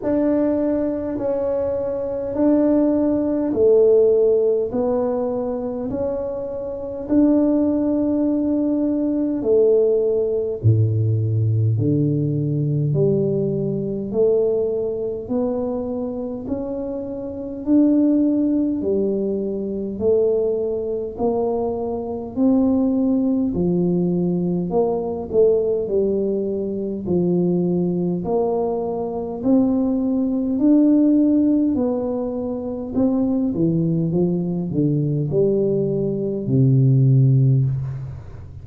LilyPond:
\new Staff \with { instrumentName = "tuba" } { \time 4/4 \tempo 4 = 51 d'4 cis'4 d'4 a4 | b4 cis'4 d'2 | a4 a,4 d4 g4 | a4 b4 cis'4 d'4 |
g4 a4 ais4 c'4 | f4 ais8 a8 g4 f4 | ais4 c'4 d'4 b4 | c'8 e8 f8 d8 g4 c4 | }